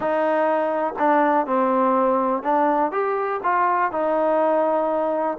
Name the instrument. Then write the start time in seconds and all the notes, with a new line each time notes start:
trombone
0.00 D#4
0.98 D4
1.46 C4
2.43 D4
2.91 G4
3.43 F4
3.91 D#4